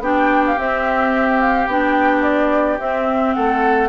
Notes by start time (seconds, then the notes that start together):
0.00 B3 D4 G4 G5
0.47 F5
0.58 C4 E5
1.41 F5
1.68 B3 D4 G5
2.23 D5
2.80 C4 E5
3.34 A3 A4 F#5